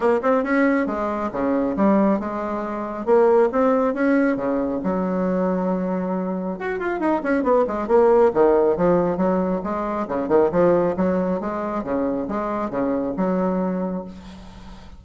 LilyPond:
\new Staff \with { instrumentName = "bassoon" } { \time 4/4 \tempo 4 = 137 ais8 c'8 cis'4 gis4 cis4 | g4 gis2 ais4 | c'4 cis'4 cis4 fis4~ | fis2. fis'8 f'8 |
dis'8 cis'8 b8 gis8 ais4 dis4 | f4 fis4 gis4 cis8 dis8 | f4 fis4 gis4 cis4 | gis4 cis4 fis2 | }